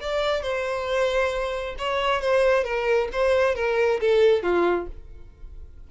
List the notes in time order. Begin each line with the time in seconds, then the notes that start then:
0.00 D5
0.42 C5
1.78 C#5
2.21 C5
2.63 A#4
3.12 C5
3.55 A#4
4.00 A4
4.42 F4